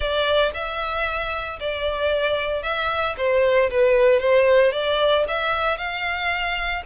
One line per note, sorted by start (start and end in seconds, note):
0.00 0.51 D5
0.54 1.59 E5
1.60 2.62 D5
2.62 3.15 E5
3.17 3.70 C5
3.70 4.19 B4
4.19 4.72 C5
4.72 5.24 D5
5.28 5.77 E5
5.77 6.83 F5